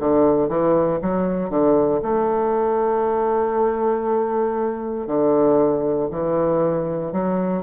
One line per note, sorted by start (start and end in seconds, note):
0.00 0.49 D3
0.49 0.99 E3
1.02 1.50 F#3
1.50 2.01 D3
2.02 5.07 A3
5.07 6.09 D3
6.11 7.12 E3
7.12 7.63 F#3